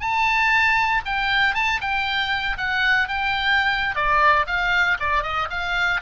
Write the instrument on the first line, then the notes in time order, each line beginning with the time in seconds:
oboe
0.00 A5
1.05 G5
1.54 A5
1.81 G5
2.57 F#5
3.08 G5
3.95 D5
4.47 F5
4.99 D5
5.23 D#5
5.50 F5